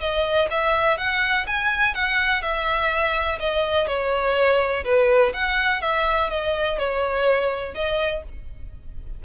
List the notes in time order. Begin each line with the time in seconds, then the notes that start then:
0.00 D#5
0.50 E5
0.97 F#5
1.47 G#5
1.95 F#5
2.42 E5
3.40 D#5
3.87 C#5
4.85 B4
5.34 F#5
5.82 E5
6.30 D#5
6.78 C#5
7.74 D#5